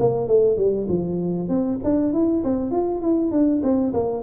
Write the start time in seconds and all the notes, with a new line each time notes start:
0.00 A#3
0.28 A3
0.57 G3
0.89 F3
1.49 C4
1.85 D4
2.14 E4
2.44 C4
2.72 F4
3.02 E4
3.32 D4
3.63 C4
3.94 A#3